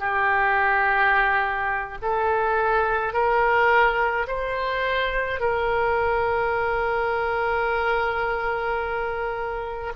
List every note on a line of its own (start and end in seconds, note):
0.00 1.98 G4
2.02 3.13 A4
3.13 4.26 A#4
4.27 5.40 C5
5.40 9.93 A#4